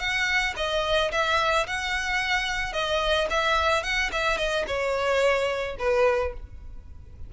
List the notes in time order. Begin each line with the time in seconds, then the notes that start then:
0.00 F#5
0.57 D#5
1.12 E5
1.67 F#5
2.73 D#5
3.30 E5
3.84 F#5
4.12 E5
4.38 D#5
4.68 C#5
5.79 B4